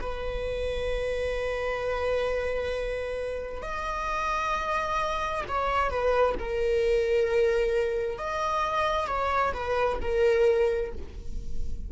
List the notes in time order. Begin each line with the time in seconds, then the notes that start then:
0.00 B4
3.62 D#5
5.48 C#5
5.89 B4
6.39 A#4
8.18 D#5
9.07 C#5
9.53 B4
10.01 A#4